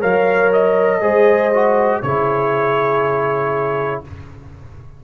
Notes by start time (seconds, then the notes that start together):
0.00 F#3 A#4 C#5 F5
0.52 D#5
1.00 G#3 G#4 C5
1.53 F#4
2.02 C#3 E4 G#4 C#5